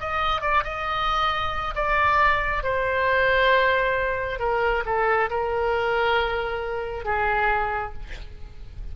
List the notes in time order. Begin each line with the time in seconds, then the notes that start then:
0.00 D#5
0.42 D5
0.64 D#5
1.75 D5
2.63 C5
4.40 A#4
4.86 A4
5.30 A#4
7.05 G#4